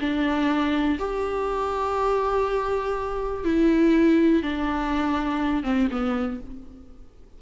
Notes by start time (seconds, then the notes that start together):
0.00 D4
0.99 G4
3.44 E4
4.43 D4
5.64 C4
5.91 B3